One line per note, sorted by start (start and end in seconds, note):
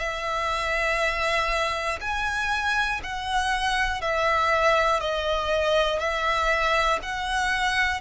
0.00 2.00 E5
2.01 3.01 G#5
3.04 4.01 F#5
4.01 5.01 E5
5.01 6.00 D#5
6.00 7.00 E5
7.03 8.01 F#5